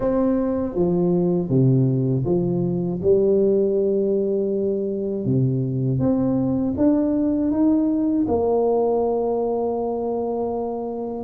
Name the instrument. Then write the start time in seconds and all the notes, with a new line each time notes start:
tuba
0.00 C4
0.75 F3
1.49 C3
2.25 F3
3.02 G3
5.25 C3
5.99 C4
6.77 D4
7.51 D#4
8.27 A#3